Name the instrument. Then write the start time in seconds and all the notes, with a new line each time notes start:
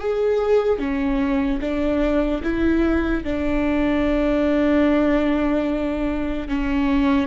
viola
0.00 G#4
0.79 C#4
1.61 D4
2.44 E4
3.24 D4
6.49 C#4